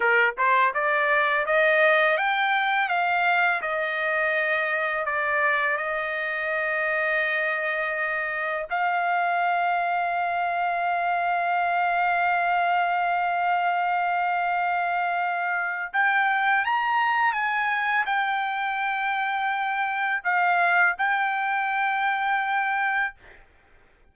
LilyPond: \new Staff \with { instrumentName = "trumpet" } { \time 4/4 \tempo 4 = 83 ais'8 c''8 d''4 dis''4 g''4 | f''4 dis''2 d''4 | dis''1 | f''1~ |
f''1~ | f''2 g''4 ais''4 | gis''4 g''2. | f''4 g''2. | }